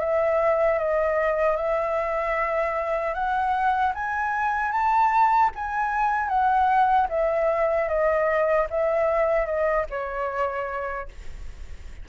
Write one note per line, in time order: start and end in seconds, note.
0.00 0.79 E5
0.79 1.57 D#5
1.57 3.14 E5
3.14 3.93 F#5
3.94 4.72 G#5
4.72 5.50 A5
5.55 6.28 G#5
6.28 7.07 F#5
7.09 7.88 E5
7.89 8.68 D#5
8.70 9.46 E5
9.46 9.86 D#5
9.90 11.08 C#5